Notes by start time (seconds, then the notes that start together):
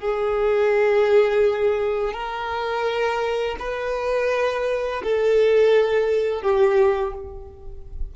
0.00 G#4
2.14 A#4
3.59 B4
5.03 A4
6.42 G4